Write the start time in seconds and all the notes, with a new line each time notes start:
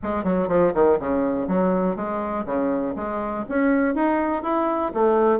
0.02 G#3
0.24 F#3
0.48 F3
0.74 D#3
0.99 C#3
1.47 F#3
1.96 G#3
2.45 C#3
2.95 G#3
3.48 C#4
3.94 D#4
4.42 E4
4.93 A3